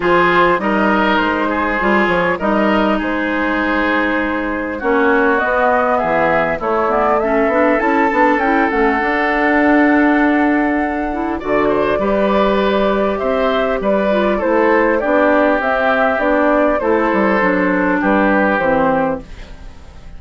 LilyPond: <<
  \new Staff \with { instrumentName = "flute" } { \time 4/4 \tempo 4 = 100 c''4 dis''4 c''4. cis''8 | dis''4 c''2. | cis''4 dis''4 e''4 cis''8 d''8 | e''4 a''4 g''8 fis''4.~ |
fis''2. d''4~ | d''2 e''4 d''4 | c''4 d''4 e''4 d''4 | c''2 b'4 c''4 | }
  \new Staff \with { instrumentName = "oboe" } { \time 4/4 gis'4 ais'4. gis'4. | ais'4 gis'2. | fis'2 gis'4 e'4 | a'1~ |
a'2. d''8 c''8 | b'2 c''4 b'4 | a'4 g'2. | a'2 g'2 | }
  \new Staff \with { instrumentName = "clarinet" } { \time 4/4 f'4 dis'2 f'4 | dis'1 | cis'4 b2 a8 b8 | cis'8 d'8 e'8 d'8 e'8 cis'8 d'4~ |
d'2~ d'8 e'8 fis'4 | g'2.~ g'8 f'8 | e'4 d'4 c'4 d'4 | e'4 d'2 c'4 | }
  \new Staff \with { instrumentName = "bassoon" } { \time 4/4 f4 g4 gis4 g8 f8 | g4 gis2. | ais4 b4 e4 a4~ | a8 b8 cis'8 b8 cis'8 a8 d'4~ |
d'2. d4 | g2 c'4 g4 | a4 b4 c'4 b4 | a8 g8 fis4 g4 e4 | }
>>